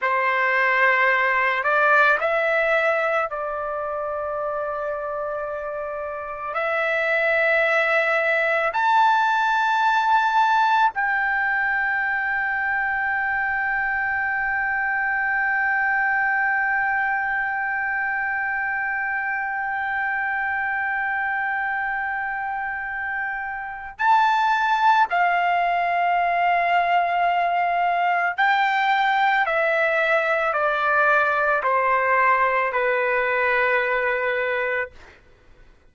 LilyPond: \new Staff \with { instrumentName = "trumpet" } { \time 4/4 \tempo 4 = 55 c''4. d''8 e''4 d''4~ | d''2 e''2 | a''2 g''2~ | g''1~ |
g''1~ | g''2 a''4 f''4~ | f''2 g''4 e''4 | d''4 c''4 b'2 | }